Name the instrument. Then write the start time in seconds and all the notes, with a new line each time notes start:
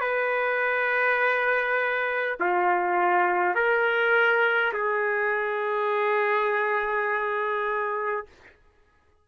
trumpet
0.00 B4
2.40 F4
3.55 A#4
4.73 G#4